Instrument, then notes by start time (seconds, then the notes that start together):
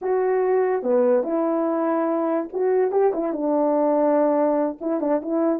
horn
0.01 F#4
0.82 B3
1.23 E4
2.52 F#4
2.91 G4
3.13 E4
3.32 D4
4.80 E4
5.00 D4
5.22 E4